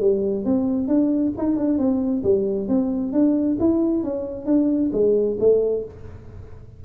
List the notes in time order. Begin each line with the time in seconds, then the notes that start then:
0.00 G3
0.45 C4
0.88 D4
1.37 D#4
1.56 D4
1.78 C4
2.23 G3
2.68 C4
3.13 D4
3.60 E4
4.03 C#4
4.46 D4
4.93 G#3
5.40 A3